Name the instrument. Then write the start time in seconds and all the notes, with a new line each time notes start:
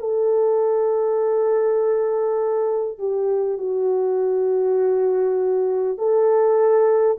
horn
0.00 A4
2.99 G4
3.58 F#4
5.98 A4